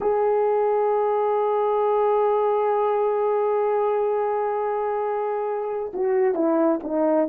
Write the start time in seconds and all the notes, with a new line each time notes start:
0.00 G#4
5.93 F#4
6.34 E4
6.83 D#4